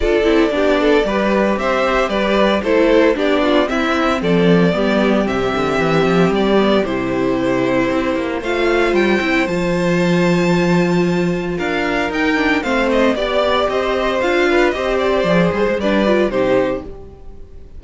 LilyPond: <<
  \new Staff \with { instrumentName = "violin" } { \time 4/4 \tempo 4 = 114 d''2. e''4 | d''4 c''4 d''4 e''4 | d''2 e''2 | d''4 c''2. |
f''4 g''4 a''2~ | a''2 f''4 g''4 | f''8 dis''8 d''4 dis''4 f''4 | dis''8 d''4 c''8 d''4 c''4 | }
  \new Staff \with { instrumentName = "violin" } { \time 4/4 a'4 g'8 a'8 b'4 c''4 | b'4 a'4 g'8 f'8 e'4 | a'4 g'2.~ | g'1 |
c''1~ | c''2 ais'2 | c''4 d''4 c''4. b'8 | c''2 b'4 g'4 | }
  \new Staff \with { instrumentName = "viola" } { \time 4/4 f'8 e'8 d'4 g'2~ | g'4 e'4 d'4 c'4~ | c'4 b4 c'2~ | c'8 b8 e'2. |
f'4. e'8 f'2~ | f'2. dis'8 d'8 | c'4 g'2 f'4 | g'4 gis'4 d'8 f'8 dis'4 | }
  \new Staff \with { instrumentName = "cello" } { \time 4/4 d'8 c'8 b4 g4 c'4 | g4 a4 b4 c'4 | f4 g4 c8 d8 e8 f8 | g4 c2 c'8 ais8 |
a4 g8 c'8 f2~ | f2 d'4 dis'4 | a4 b4 c'4 d'4 | c'4 f8 g16 gis16 g4 c4 | }
>>